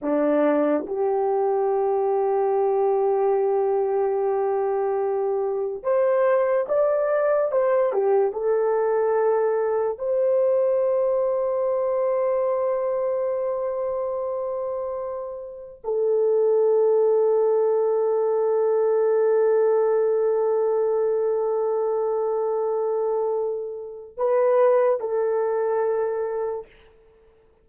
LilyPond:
\new Staff \with { instrumentName = "horn" } { \time 4/4 \tempo 4 = 72 d'4 g'2.~ | g'2. c''4 | d''4 c''8 g'8 a'2 | c''1~ |
c''2. a'4~ | a'1~ | a'1~ | a'4 b'4 a'2 | }